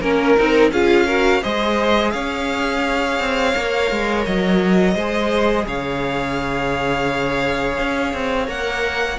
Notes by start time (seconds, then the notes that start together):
0.00 A#3 C#4 A#4
0.37 C4 D#4
0.71 C#4 F4 G#4 F5
1.06 F#4 A#4
1.42 G#3 G#4 C5 D#5
2.11 C#4 C#5 F5
3.19 C4
3.55 A#3 A#4
3.91 G#3
4.25 F#3 D#5
4.94 G#3 G#4 C5
5.66 C#3 C#5 F5
7.78 C#4
8.13 C4
8.47 A#3 A#4 F#5